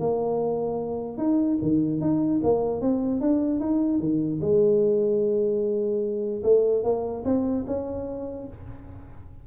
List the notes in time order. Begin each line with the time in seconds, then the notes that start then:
0.00 A#3
1.18 D#4
1.62 D#3
2.01 D#4
2.43 A#3
2.82 C4
3.21 D4
3.60 D#4
4.00 D#3
4.41 G#3
6.43 A3
6.84 A#3
7.25 C4
7.67 C#4